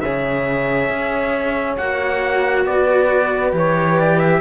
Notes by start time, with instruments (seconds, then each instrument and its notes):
0.00 cello C#3 G#4, horn C#5, trumpet E5
0.89 cello C#4
1.77 cello A#3 F#4, trumpet F#5
2.65 cello B3, horn B4, trumpet D5
3.52 cello E3 G4, trumpet C#5
3.99 trumpet D5
4.19 trumpet E5